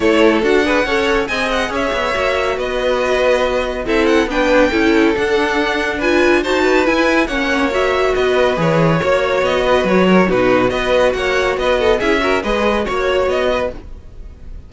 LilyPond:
<<
  \new Staff \with { instrumentName = "violin" } { \time 4/4 \tempo 4 = 140 cis''4 fis''2 gis''8 fis''8 | e''2 dis''2~ | dis''4 e''8 fis''8 g''2 | fis''2 gis''4 a''4 |
gis''4 fis''4 e''4 dis''4 | cis''2 dis''4 cis''4 | b'4 dis''4 fis''4 dis''4 | e''4 dis''4 cis''4 dis''4 | }
  \new Staff \with { instrumentName = "violin" } { \time 4/4 a'4. b'8 cis''4 dis''4 | cis''2 b'2~ | b'4 a'4 b'4 a'4~ | a'2 b'4 c''8 b'8~ |
b'4 cis''2 b'4~ | b'4 cis''4. b'4 ais'8 | fis'4 b'4 cis''4 b'8 a'8 | gis'8 ais'8 b'4 cis''4. b'8 | }
  \new Staff \with { instrumentName = "viola" } { \time 4/4 e'4 fis'8 gis'8 a'4 gis'4~ | gis'4 fis'2.~ | fis'4 e'4 d'4 e'4 | d'2 f'4 fis'4 |
e'4 cis'4 fis'2 | gis'4 fis'2. | dis'4 fis'2. | e'8 fis'8 gis'4 fis'2 | }
  \new Staff \with { instrumentName = "cello" } { \time 4/4 a4 d'4 cis'4 c'4 | cis'8 b8 ais4 b2~ | b4 c'4 b4 cis'4 | d'2. dis'4 |
e'4 ais2 b4 | e4 ais4 b4 fis4 | b,4 b4 ais4 b4 | cis'4 gis4 ais4 b4 | }
>>